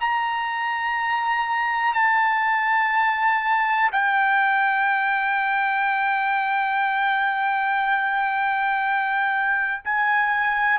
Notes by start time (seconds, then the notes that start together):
0.00 A#5
1.93 A5
3.92 G5
9.84 G#5